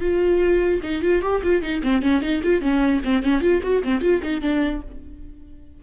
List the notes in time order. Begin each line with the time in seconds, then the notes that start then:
0.00 F4
0.83 D#4
1.02 F4
1.22 G4
1.43 F4
1.62 D#4
1.83 C4
2.02 C#4
2.22 D#4
2.43 F4
2.61 C#4
3.04 C4
3.23 C#4
3.41 F4
3.63 F#4
3.83 C4
4.01 F4
4.23 D#4
4.41 D4